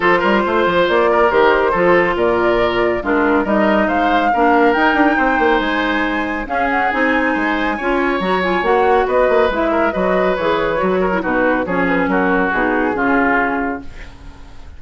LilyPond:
<<
  \new Staff \with { instrumentName = "flute" } { \time 4/4 \tempo 4 = 139 c''2 d''4 c''4~ | c''4 d''2 ais'4 | dis''4 f''2 g''4~ | g''4 gis''2 f''8 fis''8 |
gis''2. ais''8 gis''8 | fis''4 dis''4 e''4 dis''4 | cis''2 b'4 cis''8 b'8 | ais'4 gis'2. | }
  \new Staff \with { instrumentName = "oboe" } { \time 4/4 a'8 ais'8 c''4. ais'4. | a'4 ais'2 f'4 | ais'4 c''4 ais'2 | c''2. gis'4~ |
gis'4 c''4 cis''2~ | cis''4 b'4. ais'8 b'4~ | b'4. ais'8 fis'4 gis'4 | fis'2 f'2 | }
  \new Staff \with { instrumentName = "clarinet" } { \time 4/4 f'2. g'4 | f'2. d'4 | dis'2 d'4 dis'4~ | dis'2. cis'4 |
dis'2 f'4 fis'8 f'8 | fis'2 e'4 fis'4 | gis'4 fis'8. e'16 dis'4 cis'4~ | cis'4 dis'4 cis'2 | }
  \new Staff \with { instrumentName = "bassoon" } { \time 4/4 f8 g8 a8 f8 ais4 dis4 | f4 ais,2 gis4 | g4 gis4 ais4 dis'8 d'8 | c'8 ais8 gis2 cis'4 |
c'4 gis4 cis'4 fis4 | ais4 b8 ais8 gis4 fis4 | e4 fis4 b,4 f4 | fis4 b,4 cis2 | }
>>